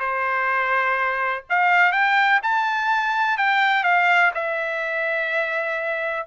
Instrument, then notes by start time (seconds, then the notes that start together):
trumpet
0.00 C5
1.50 F5
1.92 G5
2.43 A5
3.38 G5
3.84 F5
4.35 E5